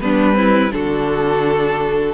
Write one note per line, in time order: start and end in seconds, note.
0.00 0.73 G3
0.00 0.33 B3
0.00 0.37 D4
0.00 0.72 B4
0.33 0.69 C4
0.33 0.73 E4
0.71 2.14 D3
0.71 2.14 D4
0.71 2.14 F#4
0.71 2.14 A4